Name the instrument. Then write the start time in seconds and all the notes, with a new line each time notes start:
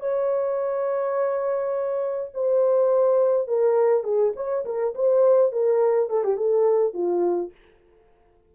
horn
0.00 C#5
2.34 C5
3.47 A#4
4.04 G#4
4.36 C#5
4.65 A#4
4.95 C5
5.52 A#4
6.10 A4
6.24 G4
6.37 A4
6.94 F4